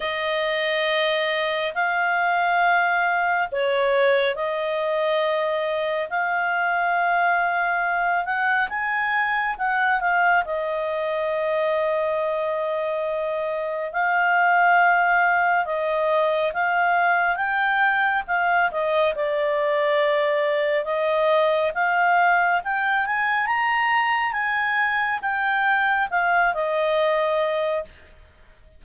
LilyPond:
\new Staff \with { instrumentName = "clarinet" } { \time 4/4 \tempo 4 = 69 dis''2 f''2 | cis''4 dis''2 f''4~ | f''4. fis''8 gis''4 fis''8 f''8 | dis''1 |
f''2 dis''4 f''4 | g''4 f''8 dis''8 d''2 | dis''4 f''4 g''8 gis''8 ais''4 | gis''4 g''4 f''8 dis''4. | }